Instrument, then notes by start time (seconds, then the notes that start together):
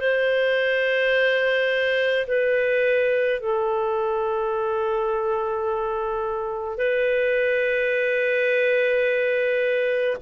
clarinet
0.00 C5
2.27 B4
3.40 A4
6.77 B4